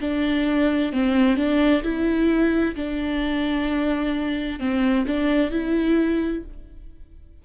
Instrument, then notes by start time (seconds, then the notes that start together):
viola
0.00 D4
0.92 C4
1.36 D4
1.83 E4
2.75 D4
4.59 C4
5.07 D4
5.51 E4